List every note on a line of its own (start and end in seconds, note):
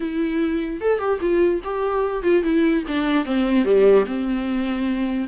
0.00 0.81 E4
0.81 0.98 A4
0.98 1.19 G4
1.20 1.61 F4
1.63 2.22 G4
2.22 2.43 F4
2.43 2.83 E4
2.87 3.25 D4
3.25 3.64 C4
3.64 4.05 G3
4.05 5.27 C4